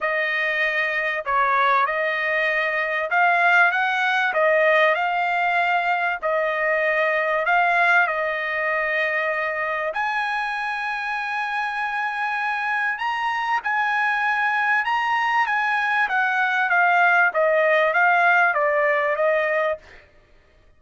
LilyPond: \new Staff \with { instrumentName = "trumpet" } { \time 4/4 \tempo 4 = 97 dis''2 cis''4 dis''4~ | dis''4 f''4 fis''4 dis''4 | f''2 dis''2 | f''4 dis''2. |
gis''1~ | gis''4 ais''4 gis''2 | ais''4 gis''4 fis''4 f''4 | dis''4 f''4 d''4 dis''4 | }